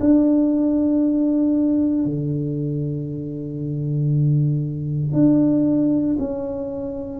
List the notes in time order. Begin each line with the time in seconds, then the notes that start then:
0.00 D4
2.05 D3
5.13 D4
6.19 C#4